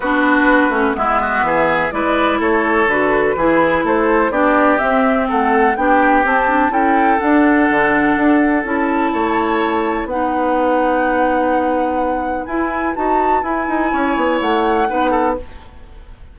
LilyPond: <<
  \new Staff \with { instrumentName = "flute" } { \time 4/4 \tempo 4 = 125 b'2 e''2 | d''4 cis''4 b'2 | c''4 d''4 e''4 fis''4 | g''4 a''4 g''4 fis''4~ |
fis''2 a''2~ | a''4 fis''2.~ | fis''2 gis''4 a''4 | gis''2 fis''2 | }
  \new Staff \with { instrumentName = "oboe" } { \time 4/4 fis'2 e'8 fis'8 gis'4 | b'4 a'2 gis'4 | a'4 g'2 a'4 | g'2 a'2~ |
a'2. cis''4~ | cis''4 b'2.~ | b'1~ | b'4 cis''2 b'8 a'8 | }
  \new Staff \with { instrumentName = "clarinet" } { \time 4/4 d'4. cis'8 b2 | e'2 fis'4 e'4~ | e'4 d'4 c'2 | d'4 c'8 d'8 e'4 d'4~ |
d'2 e'2~ | e'4 dis'2.~ | dis'2 e'4 fis'4 | e'2. dis'4 | }
  \new Staff \with { instrumentName = "bassoon" } { \time 4/4 b4. a8 gis4 e4 | gis4 a4 d4 e4 | a4 b4 c'4 a4 | b4 c'4 cis'4 d'4 |
d4 d'4 cis'4 a4~ | a4 b2.~ | b2 e'4 dis'4 | e'8 dis'8 cis'8 b8 a4 b4 | }
>>